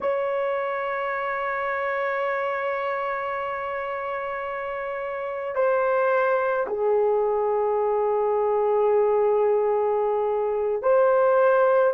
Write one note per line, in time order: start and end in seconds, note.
0.00 5.55 C#5
5.55 6.66 C5
6.67 10.82 G#4
10.82 11.93 C5